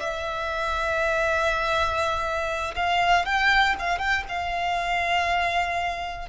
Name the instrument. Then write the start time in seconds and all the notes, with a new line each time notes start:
violin
0.00 E5
2.76 F5
3.26 G5
3.79 F5
3.99 G5
4.29 F5